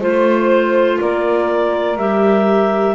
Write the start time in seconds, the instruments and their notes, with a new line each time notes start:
0.00 double bass A3, clarinet F4 C5, saxophone C5
1.00 double bass A#3, saxophone A#4, clarinet D5
1.97 double bass G3, clarinet G4 E5